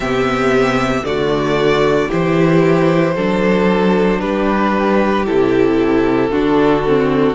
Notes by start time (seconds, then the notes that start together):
0.00 C3 B3 G4 E5
1.04 D3 A3 F#4 D5
2.09 E3 E4 G4 C5
3.14 F#3 D4 A4
4.20 G3 G4 B4
5.25 C3 E4 A4
6.31 D3 D4 F#4
6.87 C4